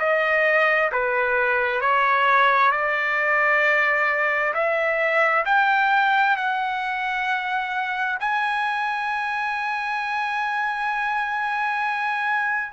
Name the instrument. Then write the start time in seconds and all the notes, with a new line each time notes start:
trumpet
0.00 D#5
0.92 B4
1.81 C#5
2.72 D5
4.54 E5
5.46 G5
6.37 F#5
8.20 G#5